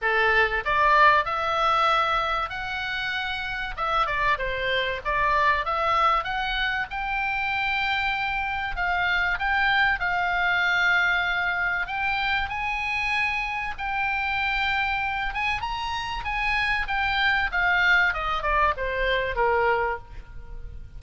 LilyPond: \new Staff \with { instrumentName = "oboe" } { \time 4/4 \tempo 4 = 96 a'4 d''4 e''2 | fis''2 e''8 d''8 c''4 | d''4 e''4 fis''4 g''4~ | g''2 f''4 g''4 |
f''2. g''4 | gis''2 g''2~ | g''8 gis''8 ais''4 gis''4 g''4 | f''4 dis''8 d''8 c''4 ais'4 | }